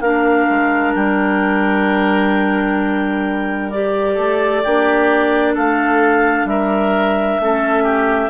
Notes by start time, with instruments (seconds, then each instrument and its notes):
0.00 bassoon A#3, clarinet D4 F5, oboe A#4
0.49 bassoon G#3
0.94 bassoon G3, clarinet G5
3.70 clarinet G4 D5
4.14 bassoon A3, oboe A4
4.63 bassoon A#3, clarinet D4, oboe G4
5.54 bassoon A3, oboe A4, clarinet F5
6.44 bassoon G3, oboe A#4, clarinet E5
7.39 bassoon A3, clarinet C#4, oboe A4
7.83 oboe G4